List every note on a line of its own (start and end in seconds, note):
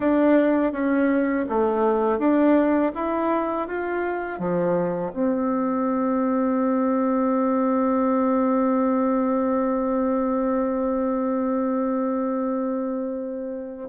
0.00 0.72 D4
0.72 1.45 C#4
1.49 2.19 A3
2.19 2.92 D4
2.95 3.67 E4
3.67 4.39 F4
4.39 5.12 F3
5.13 13.89 C4